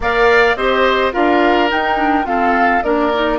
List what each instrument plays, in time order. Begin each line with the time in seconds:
0.00 bassoon A#3, clarinet A#4, oboe D5, flute F5
0.55 bassoon C4, clarinet G4, oboe C5, flute D#5
1.12 bassoon D4, clarinet F4, oboe A#4, flute F5
1.69 clarinet D#4, bassoon D#4, flute G5
1.95 clarinet D4
2.24 clarinet C4, bassoon F4, oboe A4, flute F5
2.82 bassoon A#3, clarinet D4, oboe A#4, flute D5
3.14 clarinet D#4